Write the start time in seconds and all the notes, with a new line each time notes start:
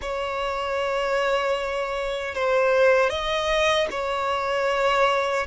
0.01 C#5
2.34 C5
3.09 D#5
3.90 C#5